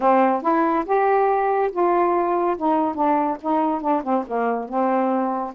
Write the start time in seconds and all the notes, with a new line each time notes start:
0.00 C4
0.42 E4
0.85 G4
1.71 F4
2.57 D#4
2.94 D4
3.41 D#4
3.81 D4
4.03 C4
4.27 A#3
4.68 C4